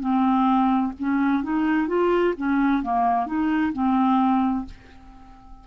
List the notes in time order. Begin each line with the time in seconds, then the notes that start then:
0.00 C4
0.99 C#4
1.43 D#4
1.88 F4
2.37 C#4
2.83 A#3
3.26 D#4
3.73 C4